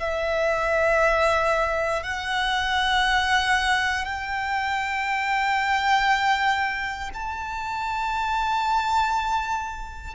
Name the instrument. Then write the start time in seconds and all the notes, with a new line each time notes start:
violin
0.00 E5
2.03 F#5
4.05 G5
7.14 A5